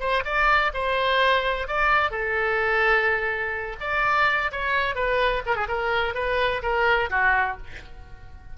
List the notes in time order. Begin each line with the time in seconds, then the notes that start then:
0.00 C5
0.25 D5
0.74 C5
1.68 D5
2.11 A4
3.81 D5
4.52 C#5
4.95 B4
5.46 A#4
5.56 G#4
5.68 A#4
6.15 B4
6.63 A#4
7.10 F#4